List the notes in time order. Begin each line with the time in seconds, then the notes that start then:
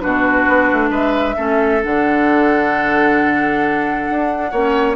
0.00 B2 D4 F#4 B4
0.48 B3
0.72 A3
0.90 G#3 B4 E5
1.36 A3 C#4 A4
1.83 D3 D4 F#5
4.10 D4
4.51 A#3 C#4 C#5